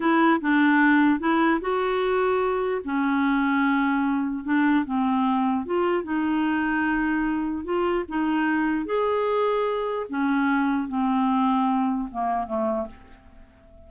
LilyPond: \new Staff \with { instrumentName = "clarinet" } { \time 4/4 \tempo 4 = 149 e'4 d'2 e'4 | fis'2. cis'4~ | cis'2. d'4 | c'2 f'4 dis'4~ |
dis'2. f'4 | dis'2 gis'2~ | gis'4 cis'2 c'4~ | c'2 ais4 a4 | }